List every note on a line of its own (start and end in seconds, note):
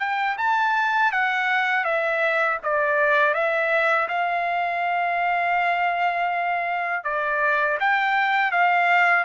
0.00 0.37 G5
0.38 1.12 A5
1.12 1.84 F#5
1.84 2.58 E5
2.63 3.34 D5
3.34 4.08 E5
4.09 7.04 F5
7.04 7.78 D5
7.80 8.52 G5
8.52 9.25 F5